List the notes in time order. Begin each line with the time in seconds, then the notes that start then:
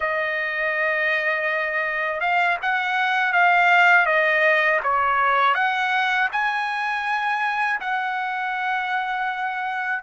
0.00 D#5
2.20 F5
2.61 F#5
3.33 F5
4.06 D#5
4.83 C#5
5.54 F#5
6.32 G#5
7.80 F#5